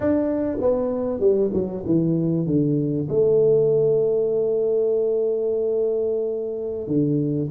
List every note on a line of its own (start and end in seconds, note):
0.00 0.58 D4
0.60 1.20 B3
1.20 1.50 G3
1.53 1.83 F#3
1.86 2.46 E3
2.46 3.07 D3
3.08 6.87 A3
6.87 7.48 D3